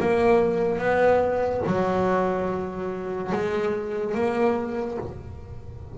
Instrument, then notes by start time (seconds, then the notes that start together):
double bass
0.00 A#3
0.78 B3
1.66 F#3
3.32 G#3
4.14 A#3